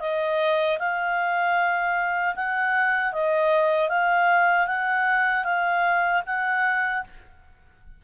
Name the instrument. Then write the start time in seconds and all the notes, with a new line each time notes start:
clarinet
0.00 D#5
0.79 F5
2.35 F#5
3.12 D#5
3.89 F5
4.67 F#5
5.44 F5
6.26 F#5